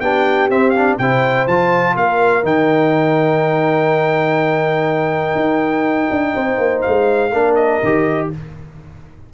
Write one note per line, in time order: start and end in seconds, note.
0.00 0.49 B3
0.00 0.50 D4
0.00 0.98 G4
0.00 0.49 G5
0.49 0.98 C4
0.49 0.74 C4
0.49 0.70 E5
0.70 0.99 D4
0.70 0.94 F5
0.98 1.47 C3
0.98 1.48 E4
0.98 1.94 C5
0.98 1.47 G5
1.47 1.96 F3
1.47 2.43 F4
1.47 1.96 A5
1.94 2.43 A#3
1.94 6.33 A#4
1.94 2.45 F5
2.43 5.35 D#3
2.43 7.31 D#4
2.43 6.81 G5
5.35 6.08 D#4
6.10 6.35 D4
6.34 6.58 C4
6.34 7.32 C5
6.58 6.82 A#3
6.81 7.54 F5
6.87 7.32 G#3
7.32 7.80 A#3
7.32 7.82 D4
7.32 8.29 A#4
7.55 8.28 D#5
7.83 8.32 D#3
7.83 8.33 G4